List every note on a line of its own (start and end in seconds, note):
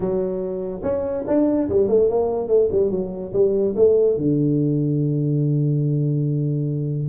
0.00 0.81 F#3
0.82 1.24 C#4
1.27 1.69 D4
1.69 1.88 G3
1.88 2.09 A3
2.09 2.48 A#3
2.48 2.69 A3
2.71 2.91 G3
2.91 3.32 F#3
3.33 3.75 G3
3.76 4.17 A3
4.17 7.08 D3